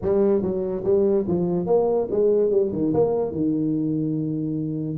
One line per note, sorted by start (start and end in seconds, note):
0.02 0.41 G3
0.41 0.83 F#3
0.83 1.25 G3
1.27 1.66 F3
1.66 2.08 A#3
2.10 2.50 G#3
2.50 2.71 G3
2.72 2.93 D#3
2.93 3.31 A#3
3.31 4.98 D#3